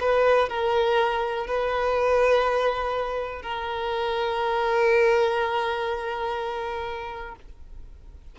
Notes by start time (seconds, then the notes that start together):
0.00 B4
0.49 A#4
1.47 B4
3.42 A#4